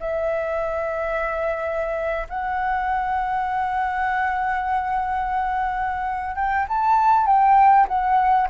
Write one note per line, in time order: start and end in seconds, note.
0.00 2.27 E5
2.29 6.36 F#5
6.36 6.66 G5
6.68 7.26 A5
7.26 7.87 G5
7.88 8.48 F#5